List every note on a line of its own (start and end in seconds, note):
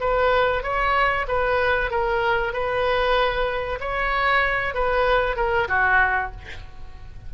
0.00 0.63 B4
0.63 1.26 C#5
1.28 1.91 B4
1.91 2.53 A#4
2.53 3.79 B4
3.80 4.74 C#5
4.74 5.36 B4
5.36 5.68 A#4
5.68 6.31 F#4